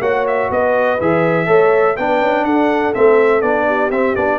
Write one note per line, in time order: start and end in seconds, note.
0.00 0.49 A#3
0.00 0.98 F#4
0.00 0.49 C#5
0.00 0.26 F#5
0.27 0.51 E5
0.50 0.98 B3
0.50 1.46 B4
0.50 1.00 D#5
1.00 1.47 E3
1.00 1.46 G#4
1.00 1.96 E5
1.46 1.96 A3
1.46 1.95 A4
1.46 1.95 C#5
1.96 2.20 B3
1.96 2.94 D4
1.96 2.45 B4
1.96 2.44 G5
2.20 2.44 C#4
2.44 2.93 D4
2.44 3.66 A4
2.44 2.93 F#5
2.94 3.41 A3
2.94 3.41 C4
2.94 3.41 E5
3.41 3.90 B3
3.41 3.90 D4
3.41 3.90 D5
3.66 4.38 G4
3.90 4.14 C4
3.90 4.15 C4
3.90 4.15 E5
4.15 4.38 B3
4.15 4.38 D4
4.15 4.38 D5